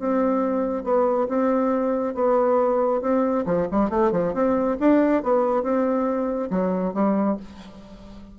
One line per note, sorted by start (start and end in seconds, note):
0.00 0.84 C4
0.84 1.28 B3
1.29 2.15 C4
2.15 3.02 B3
3.02 3.45 C4
3.46 3.68 F3
3.72 3.90 G3
3.90 4.12 A3
4.12 4.34 F3
4.34 4.78 C4
4.80 5.23 D4
5.23 5.63 B3
5.63 6.50 C4
6.51 6.94 F#3
6.94 7.38 G3